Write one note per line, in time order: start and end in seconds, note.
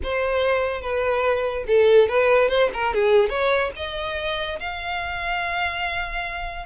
0.03 0.81 C5
0.81 1.64 B4
1.67 2.08 A4
2.08 2.48 B4
2.48 2.69 C5
2.73 2.94 A#4
2.94 3.29 G#4
3.29 3.71 C#5
3.76 4.59 D#5
4.59 6.66 F5